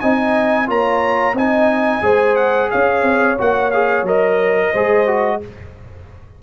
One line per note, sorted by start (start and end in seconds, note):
0.00 0.69 C4
0.00 0.67 D#4
0.00 0.67 D#5
0.00 0.68 G#5
0.67 1.34 A#3
0.67 1.34 F4
0.67 1.35 C#5
0.67 1.37 A#5
1.34 2.01 C4
1.34 2.02 D#4
1.34 2.04 D#5
1.34 2.36 G#5
2.02 2.70 G#3
2.02 3.37 G#4
2.02 2.71 C5
2.36 2.70 F#5
2.71 3.03 C#4
2.71 4.72 C#5
2.71 3.38 F5
3.03 3.36 C4
3.38 4.03 A#3
3.38 3.72 F#4
3.38 3.71 F#5
3.71 4.06 G#4
3.71 4.05 F5
4.03 4.70 F#3
4.03 4.74 A#4
4.03 5.43 D#5
4.72 5.42 G#3
4.72 5.07 G#4
4.72 5.39 C5
5.07 5.41 F#4